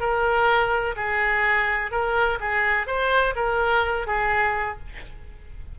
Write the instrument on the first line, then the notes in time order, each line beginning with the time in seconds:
oboe
0.00 A#4
0.96 G#4
1.91 A#4
2.40 G#4
2.87 C5
3.35 A#4
4.07 G#4